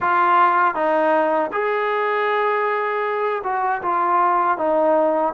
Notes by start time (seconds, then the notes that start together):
0.00 F4
0.74 D#4
1.52 G#4
3.43 F#4
3.82 F4
4.57 D#4